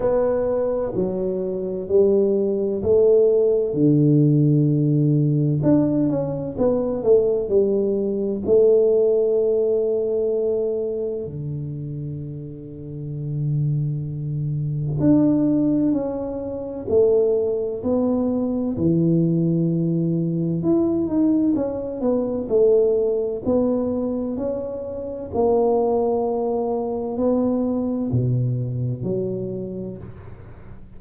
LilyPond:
\new Staff \with { instrumentName = "tuba" } { \time 4/4 \tempo 4 = 64 b4 fis4 g4 a4 | d2 d'8 cis'8 b8 a8 | g4 a2. | d1 |
d'4 cis'4 a4 b4 | e2 e'8 dis'8 cis'8 b8 | a4 b4 cis'4 ais4~ | ais4 b4 b,4 fis4 | }